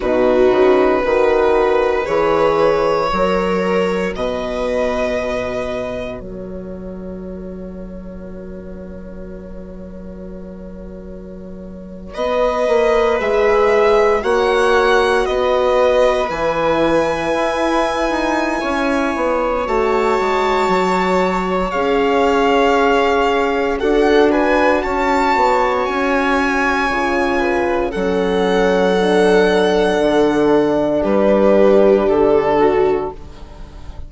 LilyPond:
<<
  \new Staff \with { instrumentName = "violin" } { \time 4/4 \tempo 4 = 58 b'2 cis''2 | dis''2 cis''2~ | cis''2.~ cis''8. dis''16~ | dis''8. e''4 fis''4 dis''4 gis''16~ |
gis''2. a''4~ | a''4 f''2 fis''8 gis''8 | a''4 gis''2 fis''4~ | fis''2 b'4 a'4 | }
  \new Staff \with { instrumentName = "viola" } { \time 4/4 fis'4 b'2 ais'4 | b'2 ais'2~ | ais'2.~ ais'8. b'16~ | b'4.~ b'16 cis''4 b'4~ b'16~ |
b'2 cis''2~ | cis''2. a'8 b'8 | cis''2~ cis''8 b'8 a'4~ | a'2 g'4. fis'8 | }
  \new Staff \with { instrumentName = "horn" } { \time 4/4 dis'4 fis'4 gis'4 fis'4~ | fis'1~ | fis'1~ | fis'8. gis'4 fis'2 e'16~ |
e'2. fis'4~ | fis'4 gis'2 fis'4~ | fis'2 f'4 cis'4 | d'1 | }
  \new Staff \with { instrumentName = "bassoon" } { \time 4/4 b,8 cis8 dis4 e4 fis4 | b,2 fis2~ | fis2.~ fis8. b16~ | b16 ais8 gis4 ais4 b4 e16~ |
e8. e'8. dis'8 cis'8 b8 a8 gis8 | fis4 cis'2 d'4 | cis'8 b8 cis'4 cis4 fis4~ | fis4 d4 g4 d4 | }
>>